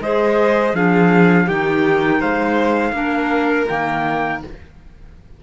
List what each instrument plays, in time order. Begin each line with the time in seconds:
0.00 cello G#3, clarinet G#4, violin C5, trumpet D#5
0.74 cello F3, clarinet D4, violin G#4, trumpet F5
1.46 cello D#3, clarinet D#4, violin G4, trumpet G5
2.19 cello G#3, violin C5, trumpet F5
2.92 cello A#3, clarinet D4, violin A#4
3.68 cello D#3, clarinet A#3, trumpet G5